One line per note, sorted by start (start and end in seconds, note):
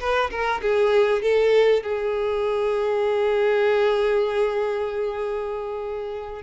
0.00 0.31 B4
0.31 0.62 A#4
0.62 1.22 G#4
1.22 1.83 A4
1.83 6.43 G#4